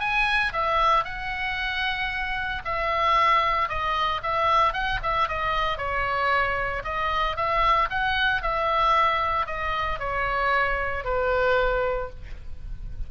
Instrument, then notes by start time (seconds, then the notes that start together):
oboe
0.00 G#5
0.53 E5
1.05 F#5
2.65 E5
3.69 D#5
4.23 E5
4.73 F#5
5.03 E5
5.29 D#5
5.78 C#5
6.84 D#5
7.36 E5
7.90 F#5
8.42 E5
9.47 D#5
10.00 C#5
11.05 B4